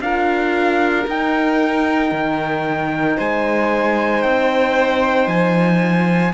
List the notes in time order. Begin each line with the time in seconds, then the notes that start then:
0.00 D4 F4 A#4 F5
1.07 D#4 G5
2.11 D#3
3.16 G#3 C5 G#5
4.22 C4 G5
5.27 F3 G#5